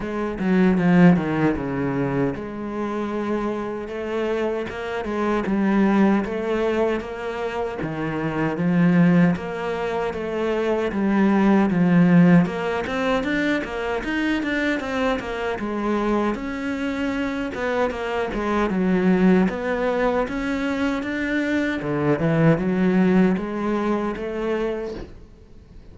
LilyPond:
\new Staff \with { instrumentName = "cello" } { \time 4/4 \tempo 4 = 77 gis8 fis8 f8 dis8 cis4 gis4~ | gis4 a4 ais8 gis8 g4 | a4 ais4 dis4 f4 | ais4 a4 g4 f4 |
ais8 c'8 d'8 ais8 dis'8 d'8 c'8 ais8 | gis4 cis'4. b8 ais8 gis8 | fis4 b4 cis'4 d'4 | d8 e8 fis4 gis4 a4 | }